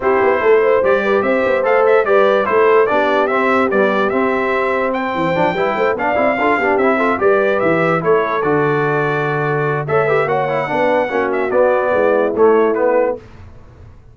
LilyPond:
<<
  \new Staff \with { instrumentName = "trumpet" } { \time 4/4 \tempo 4 = 146 c''2 d''4 e''4 | f''8 e''8 d''4 c''4 d''4 | e''4 d''4 e''2 | g''2~ g''8 f''4.~ |
f''8 e''4 d''4 e''4 cis''8~ | cis''8 d''2.~ d''8 | e''4 fis''2~ fis''8 e''8 | d''2 cis''4 b'4 | }
  \new Staff \with { instrumentName = "horn" } { \time 4/4 g'4 a'8 c''4 b'8 c''4~ | c''4 b'4 a'4 g'4~ | g'1 | c''4. b'8 c''8 d''4 a'8 |
g'4 a'8 b'2 a'8~ | a'1 | cis''8 b'8 cis''4 b'4 fis'4~ | fis'4 e'2. | }
  \new Staff \with { instrumentName = "trombone" } { \time 4/4 e'2 g'2 | a'4 g'4 e'4 d'4 | c'4 g4 c'2~ | c'4 d'8 e'4 d'8 e'8 f'8 |
d'8 e'8 f'8 g'2 e'8~ | e'8 fis'2.~ fis'8 | a'8 g'8 fis'8 e'8 d'4 cis'4 | b2 a4 b4 | }
  \new Staff \with { instrumentName = "tuba" } { \time 4/4 c'8 b8 a4 g4 c'8 b8 | a4 g4 a4 b4 | c'4 b4 c'2~ | c'8 e8 f8 g8 a8 b8 c'8 d'8 |
b8 c'4 g4 e4 a8~ | a8 d2.~ d8 | a4 ais4 b4 ais4 | b4 gis4 a2 | }
>>